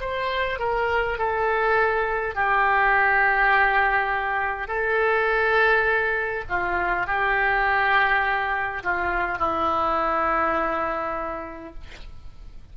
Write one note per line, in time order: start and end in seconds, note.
0.00 0.59 C5
0.59 1.18 A#4
1.18 2.35 A4
2.35 4.67 G4
4.67 6.44 A4
6.49 7.06 F4
7.06 8.83 G4
8.83 9.39 F4
9.39 11.74 E4